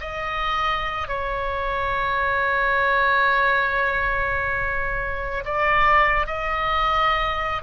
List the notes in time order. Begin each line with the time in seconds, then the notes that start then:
0.00 D#5
1.08 C#5
5.44 D5
6.26 D#5